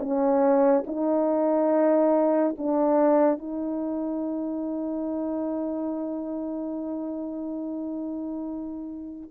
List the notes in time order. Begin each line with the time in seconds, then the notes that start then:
0.00 C#4
0.87 D#4
2.58 D4
3.39 D#4